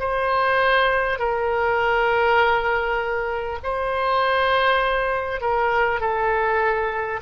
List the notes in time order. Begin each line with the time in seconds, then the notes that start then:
0.00 C5
1.19 A#4
3.63 C5
5.41 A#4
6.01 A4